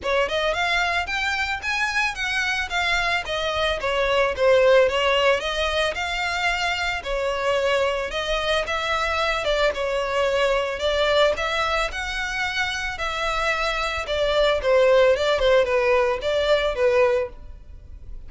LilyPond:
\new Staff \with { instrumentName = "violin" } { \time 4/4 \tempo 4 = 111 cis''8 dis''8 f''4 g''4 gis''4 | fis''4 f''4 dis''4 cis''4 | c''4 cis''4 dis''4 f''4~ | f''4 cis''2 dis''4 |
e''4. d''8 cis''2 | d''4 e''4 fis''2 | e''2 d''4 c''4 | d''8 c''8 b'4 d''4 b'4 | }